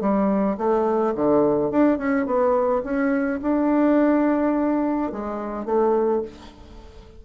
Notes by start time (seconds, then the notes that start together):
0.00 G3
0.57 A3
1.14 D3
1.71 D4
1.98 C#4
2.26 B3
2.83 C#4
3.42 D4
5.12 G#3
5.65 A3